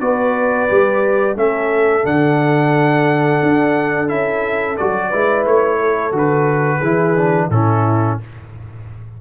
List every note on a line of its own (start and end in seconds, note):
0.00 0.68 B3
0.00 0.69 F#4
0.00 1.37 B4
0.00 1.36 D5
0.69 1.36 G3
0.69 1.35 G4
1.35 2.04 A3
1.35 2.03 C#4
1.35 5.09 A4
1.35 2.06 E5
2.03 3.41 D3
2.03 4.07 D4
2.03 4.09 F#5
3.43 4.11 D4
4.07 4.79 C#4
4.07 4.75 E4
4.07 4.77 E5
4.77 5.13 F#3
4.77 5.13 F#4
4.77 5.45 D5
5.09 5.46 G#3
5.09 6.12 E4
5.09 5.78 B4
5.46 6.12 A3
5.46 6.14 C#5
5.80 6.78 A4
6.12 6.80 D3
6.12 6.80 F#4
6.12 7.51 B4
6.78 7.49 E3
6.78 7.17 E4
6.78 7.46 G#4
7.17 7.51 D4
7.49 8.18 A2
7.49 8.21 C#4
7.49 8.20 E4
7.49 8.19 A4